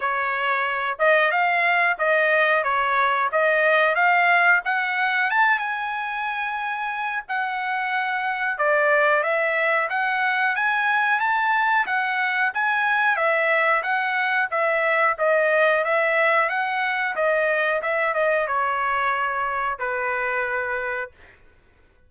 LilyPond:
\new Staff \with { instrumentName = "trumpet" } { \time 4/4 \tempo 4 = 91 cis''4. dis''8 f''4 dis''4 | cis''4 dis''4 f''4 fis''4 | a''8 gis''2~ gis''8 fis''4~ | fis''4 d''4 e''4 fis''4 |
gis''4 a''4 fis''4 gis''4 | e''4 fis''4 e''4 dis''4 | e''4 fis''4 dis''4 e''8 dis''8 | cis''2 b'2 | }